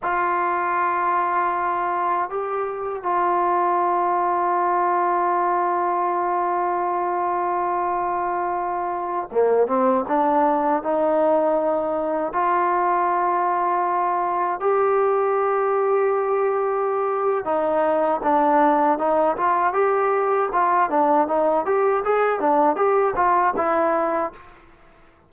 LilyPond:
\new Staff \with { instrumentName = "trombone" } { \time 4/4 \tempo 4 = 79 f'2. g'4 | f'1~ | f'1~ | f'16 ais8 c'8 d'4 dis'4.~ dis'16~ |
dis'16 f'2. g'8.~ | g'2. dis'4 | d'4 dis'8 f'8 g'4 f'8 d'8 | dis'8 g'8 gis'8 d'8 g'8 f'8 e'4 | }